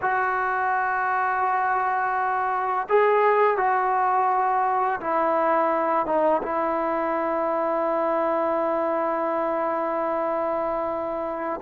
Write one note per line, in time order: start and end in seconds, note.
0.01 2.87 F#4
2.88 3.57 G#4
3.57 5.00 F#4
5.00 6.06 E4
6.06 6.41 D#4
6.42 11.60 E4